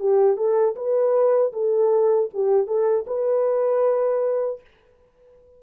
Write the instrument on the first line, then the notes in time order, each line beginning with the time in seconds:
horn
0.00 G4
0.37 A4
0.76 B4
1.53 A4
2.34 G4
2.67 A4
3.07 B4